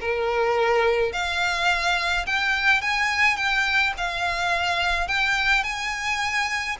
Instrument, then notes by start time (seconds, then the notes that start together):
violin
0.00 A#4
1.12 F5
2.26 G5
2.81 G#5
3.36 G5
3.97 F5
5.08 G5
5.63 G#5